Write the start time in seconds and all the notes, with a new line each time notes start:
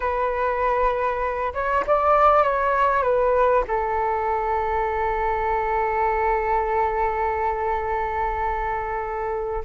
0.00 B4
1.53 C#5
1.86 D5
2.43 C#5
3.03 B4
3.67 A4